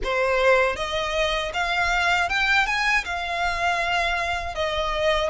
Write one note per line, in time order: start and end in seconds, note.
0.03 0.76 C5
0.76 1.52 D#5
1.53 2.29 F5
2.29 2.66 G5
2.66 3.04 G#5
3.04 4.55 F5
4.55 5.30 D#5